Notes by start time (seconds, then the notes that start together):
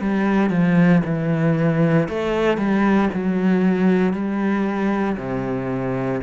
0.00 G3
0.50 F3
1.04 E3
2.08 A3
2.57 G3
3.13 F#3
4.13 G3
5.17 C3